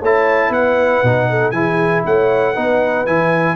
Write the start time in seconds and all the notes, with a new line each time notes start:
0.00 A3 E4 C#5 A5
0.49 B3 B4 F#5
1.03 B2 D#4
1.30 A4
1.51 E3 E4 G#4 G#5
2.06 A3 C#5 F#5
2.53 B3 D#4 B4
3.06 E3 E4 G#5